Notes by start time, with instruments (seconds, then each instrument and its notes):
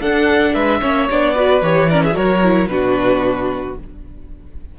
0.00 cello D4, viola D4, violin A4 F#5
0.54 cello G#3, violin B4 E5
0.81 cello A#3, viola C#4, violin C#5
1.10 cello B3, viola D4, violin D5
1.35 viola F#4, violin B4
1.62 cello E3, viola G4, violin C#5
1.90 viola C#4, violin A#4 D5
2.03 violin G#4 E5
2.11 cello F#3, viola F#4, violin A#4 C#5
2.43 viola E4
2.68 cello B2, viola D4, violin F#4 B4